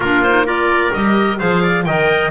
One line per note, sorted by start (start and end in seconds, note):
0.00 0.90 A#3
0.00 0.27 D4
0.00 0.46 F4
0.00 0.22 A#4
0.23 0.45 D#4
0.23 0.46 C5
0.45 0.92 F4
0.45 1.38 A#4
0.45 0.92 D5
0.92 1.40 G3
0.92 1.38 G4
0.92 1.39 D#5
1.38 1.86 F3
1.38 1.84 G#4
1.38 1.62 C5
1.38 1.84 F5
1.62 1.85 D5
1.84 2.31 D#3
1.84 2.31 A#4
1.84 2.31 D#5
1.84 2.31 G5